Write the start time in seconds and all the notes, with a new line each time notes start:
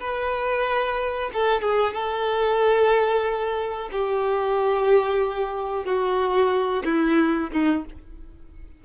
0.00 B4
1.34 A4
1.62 G#4
1.94 A4
3.92 G4
5.85 F#4
6.85 E4
7.52 D#4